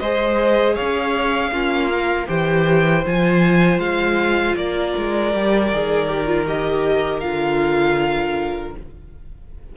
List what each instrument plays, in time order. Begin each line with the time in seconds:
0.00 cello G#3, viola G#4, violin C5 D#5
0.75 violin C#5 F5
0.81 cello C#4
1.52 cello A#3, viola C#4, violin F4
1.91 viola A#4
2.27 cello E3, viola G4, violin C5 G5
3.06 cello F3, viola F4, violin G#5
3.79 cello G#3, violin F5
4.56 cello A#3, violin A#4 D5
4.98 cello G#3
5.33 cello G3, viola G4
5.73 cello D#3, viola G#4
6.09 viola G4
6.27 viola F4
6.47 viola G4, violin D#5
7.21 cello D3, viola F4, violin F5